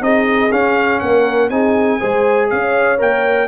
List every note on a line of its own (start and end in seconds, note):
0.00 0.50 C4
0.00 0.50 D#4
0.00 1.02 G#4
0.00 0.52 D#5
0.51 1.01 C#4
0.51 1.50 C#4
0.51 0.99 F5
0.99 1.50 A#3
0.99 1.51 A#4
0.99 1.49 F#5
1.49 1.99 C4
1.49 2.00 D#4
1.49 1.99 G#4
1.49 2.49 G#5
1.99 2.52 G#3
1.99 2.98 G#4
1.99 2.48 C5
2.49 3.01 C#4
2.49 3.48 C#5
2.49 2.99 F5
2.98 3.48 A#3
2.98 3.47 A#4
2.98 3.48 G5